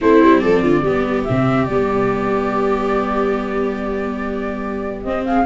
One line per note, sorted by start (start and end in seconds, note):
0.01 0.22 A3
0.01 0.85 C4
0.01 0.41 E4
0.01 0.39 C5
0.22 0.43 G3
0.39 0.62 F3
0.39 0.61 A4
0.39 1.23 D5
0.61 0.82 D3
0.61 0.82 F4
0.82 1.24 G3
0.82 1.27 B3
0.82 5.25 G4
1.24 1.69 C3
1.24 1.70 C4
1.24 1.65 E5
1.65 5.05 G3
1.65 5.05 B3
1.65 5.01 D5
5.02 5.45 C4
5.02 5.23 D#5
5.25 5.45 G#4
5.25 5.45 F5